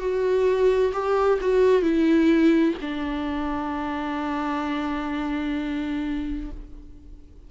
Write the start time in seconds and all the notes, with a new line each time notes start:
0.00 F#4
0.93 G4
1.41 F#4
1.82 E4
2.82 D4